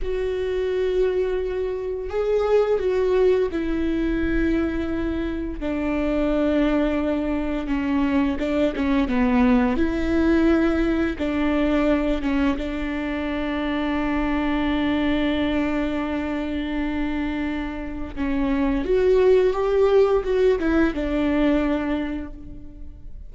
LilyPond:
\new Staff \with { instrumentName = "viola" } { \time 4/4 \tempo 4 = 86 fis'2. gis'4 | fis'4 e'2. | d'2. cis'4 | d'8 cis'8 b4 e'2 |
d'4. cis'8 d'2~ | d'1~ | d'2 cis'4 fis'4 | g'4 fis'8 e'8 d'2 | }